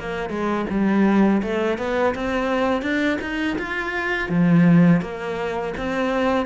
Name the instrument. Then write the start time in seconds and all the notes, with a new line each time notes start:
cello
0.00 A#3
0.30 G#3
0.70 G3
1.43 A3
1.78 B3
2.15 C4
2.82 D4
3.21 D#4
3.58 F4
4.29 F3
5.01 A#3
5.77 C4